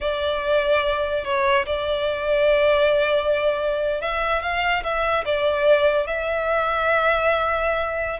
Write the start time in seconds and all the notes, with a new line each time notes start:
0.01 D5
1.24 C#5
1.66 D5
4.01 E5
4.42 F5
4.83 E5
5.25 D5
6.06 E5